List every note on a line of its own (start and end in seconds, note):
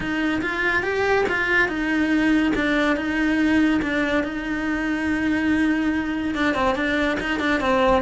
0.00 0.41 D#4
0.41 0.83 F4
0.83 1.25 G4
1.28 1.68 F4
1.68 2.52 D#4
2.55 2.96 D4
2.96 3.80 D#4
3.82 4.23 D4
4.23 6.34 D#4
6.34 6.54 D4
6.54 6.75 C4
6.75 7.17 D4
7.19 7.39 D#4
7.39 7.60 D4
7.60 8.02 C4